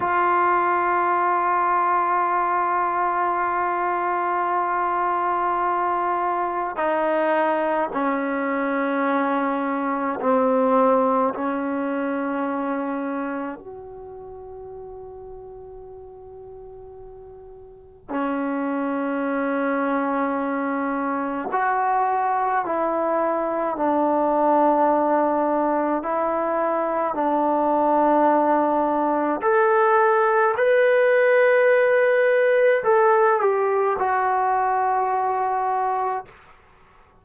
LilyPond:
\new Staff \with { instrumentName = "trombone" } { \time 4/4 \tempo 4 = 53 f'1~ | f'2 dis'4 cis'4~ | cis'4 c'4 cis'2 | fis'1 |
cis'2. fis'4 | e'4 d'2 e'4 | d'2 a'4 b'4~ | b'4 a'8 g'8 fis'2 | }